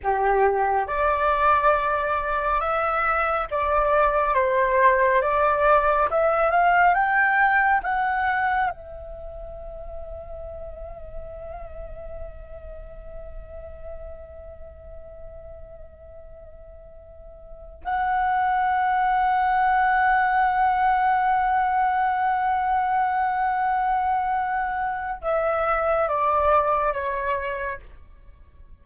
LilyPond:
\new Staff \with { instrumentName = "flute" } { \time 4/4 \tempo 4 = 69 g'4 d''2 e''4 | d''4 c''4 d''4 e''8 f''8 | g''4 fis''4 e''2~ | e''1~ |
e''1~ | e''8 fis''2.~ fis''8~ | fis''1~ | fis''4 e''4 d''4 cis''4 | }